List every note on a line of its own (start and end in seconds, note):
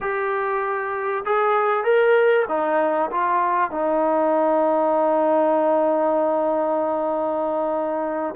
0.00 1.24 G4
1.25 1.84 G#4
1.84 2.45 A#4
2.48 3.10 D#4
3.11 3.70 F4
3.70 8.34 D#4